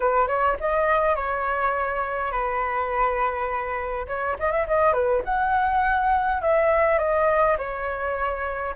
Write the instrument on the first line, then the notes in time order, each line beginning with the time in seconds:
flute
0.00 B4
0.27 C#5
0.60 D#5
1.15 C#5
2.31 B4
4.07 C#5
4.39 D#5
4.51 E5
4.67 D#5
4.92 B4
5.25 F#5
6.41 E5
6.98 D#5
7.58 C#5